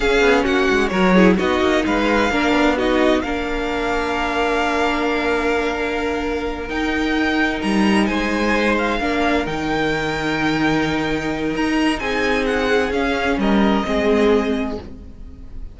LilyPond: <<
  \new Staff \with { instrumentName = "violin" } { \time 4/4 \tempo 4 = 130 f''4 fis''4 cis''4 dis''4 | f''2 dis''4 f''4~ | f''1~ | f''2~ f''8 g''4.~ |
g''8 ais''4 gis''4. f''4~ | f''8 g''2.~ g''8~ | g''4 ais''4 gis''4 fis''4 | f''4 dis''2. | }
  \new Staff \with { instrumentName = "violin" } { \time 4/4 gis'4 fis'4 ais'8 gis'8 fis'4 | b'4 ais'4 fis'4 ais'4~ | ais'1~ | ais'1~ |
ais'4. c''2 ais'8~ | ais'1~ | ais'2 gis'2~ | gis'4 ais'4 gis'2 | }
  \new Staff \with { instrumentName = "viola" } { \time 4/4 cis'2 fis'8 e'8 dis'4~ | dis'4 d'4 dis'4 d'4~ | d'1~ | d'2~ d'8 dis'4.~ |
dis'2.~ dis'8 d'8~ | d'8 dis'2.~ dis'8~ | dis'1 | cis'2 c'2 | }
  \new Staff \with { instrumentName = "cello" } { \time 4/4 cis'8 b8 ais8 gis8 fis4 b8 ais8 | gis4 ais8 b4. ais4~ | ais1~ | ais2~ ais8 dis'4.~ |
dis'8 g4 gis2 ais8~ | ais8 dis2.~ dis8~ | dis4 dis'4 c'2 | cis'4 g4 gis2 | }
>>